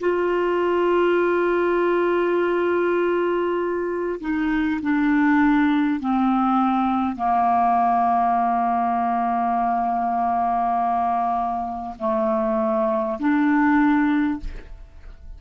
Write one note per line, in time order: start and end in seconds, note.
0.00 4.20 F4
4.21 4.81 D#4
4.82 6.01 D4
6.01 7.16 C4
7.16 11.96 A#3
11.99 13.19 A3
13.20 14.40 D4